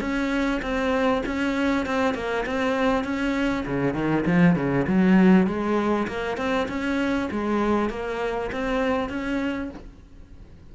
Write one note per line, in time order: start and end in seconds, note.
0.00 0.61 C#4
0.62 1.23 C4
1.26 1.86 C#4
1.86 2.14 C4
2.14 2.44 A#3
2.46 3.04 C4
3.04 3.64 C#4
3.65 3.94 C#3
3.94 4.24 D#3
4.26 4.55 F3
4.55 4.86 C#3
4.87 5.47 F#3
5.47 6.07 G#3
6.07 6.37 A#3
6.37 6.67 C4
6.68 7.29 C#4
7.31 7.90 G#3
7.90 8.50 A#3
8.52 9.09 C4
9.09 9.70 C#4